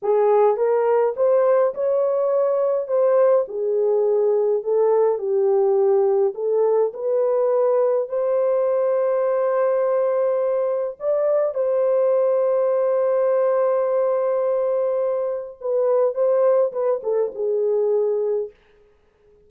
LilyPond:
\new Staff \with { instrumentName = "horn" } { \time 4/4 \tempo 4 = 104 gis'4 ais'4 c''4 cis''4~ | cis''4 c''4 gis'2 | a'4 g'2 a'4 | b'2 c''2~ |
c''2. d''4 | c''1~ | c''2. b'4 | c''4 b'8 a'8 gis'2 | }